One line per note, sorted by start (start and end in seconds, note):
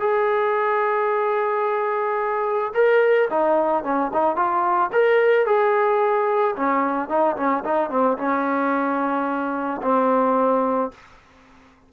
0.00 2.73 G#4
2.74 3.29 A#4
3.30 3.84 D#4
3.84 4.11 C#4
4.13 4.36 D#4
4.36 4.90 F4
4.92 5.46 A#4
5.46 6.55 G#4
6.56 7.09 C#4
7.09 7.36 D#4
7.37 7.64 C#4
7.64 7.90 D#4
7.90 8.17 C4
8.17 9.81 C#4
9.82 10.91 C4